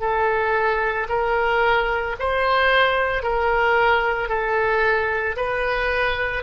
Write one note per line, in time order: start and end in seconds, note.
0.00 1.07 A4
1.09 2.16 A#4
2.19 3.23 C5
3.23 4.29 A#4
4.29 5.36 A4
5.36 6.43 B4